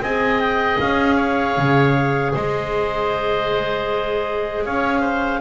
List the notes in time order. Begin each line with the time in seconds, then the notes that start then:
0.00 C4 G#4 D#5 G#5
0.39 G5
0.79 C#4 F5
1.16 C#5
1.57 C#3
2.34 G#3 C5 D#5
4.64 C#4 C#5 F5
5.00 C5